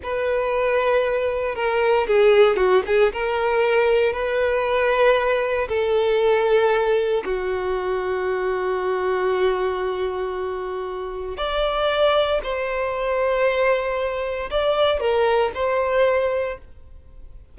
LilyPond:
\new Staff \with { instrumentName = "violin" } { \time 4/4 \tempo 4 = 116 b'2. ais'4 | gis'4 fis'8 gis'8 ais'2 | b'2. a'4~ | a'2 fis'2~ |
fis'1~ | fis'2 d''2 | c''1 | d''4 ais'4 c''2 | }